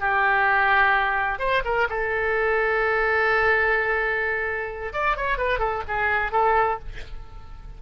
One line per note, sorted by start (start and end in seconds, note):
0.00 1.39 G4
1.39 1.63 C5
1.65 1.88 A#4
1.90 4.93 A4
4.93 5.17 D5
5.17 5.38 C#5
5.38 5.60 B4
5.60 5.83 A4
5.88 6.32 G#4
6.32 6.79 A4